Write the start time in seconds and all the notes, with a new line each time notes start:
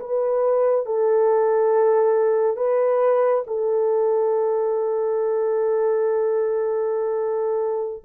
0.00 B4
0.86 A4
2.57 B4
3.47 A4